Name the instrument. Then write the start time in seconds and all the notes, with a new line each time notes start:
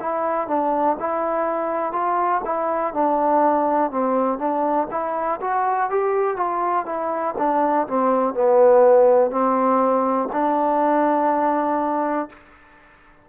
trombone
0.00 E4
0.47 D4
0.99 E4
1.92 F4
2.45 E4
2.93 D4
3.91 C4
4.38 D4
4.90 E4
5.41 F#4
5.90 G4
6.36 F4
6.85 E4
7.38 D4
7.88 C4
8.34 B3
9.30 C4
10.32 D4